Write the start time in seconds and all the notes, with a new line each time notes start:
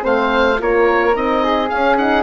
0.00 A3 C4 C5 F5
0.58 A#3 F4 A#4 C#5
1.14 C4 D#4 D#5
1.44 G#4
1.69 C#4 F5
1.98 D#4 F#5